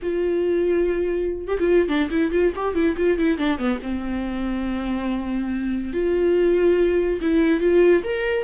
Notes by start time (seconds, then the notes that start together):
0.02 F4
1.47 G4
1.59 F4
1.88 D4
2.10 E4
2.31 F4
2.55 G4
2.75 E4
2.97 F4
3.17 E4
3.37 D4
3.58 B3
3.82 C4
5.93 F4
7.21 E4
7.60 F4
8.03 A#4